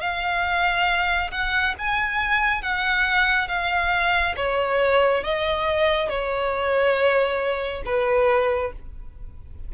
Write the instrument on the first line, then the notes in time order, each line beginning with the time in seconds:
violin
0.00 F5
1.31 F#5
1.78 G#5
2.62 F#5
3.48 F5
4.36 C#5
5.23 D#5
6.09 C#5
7.85 B4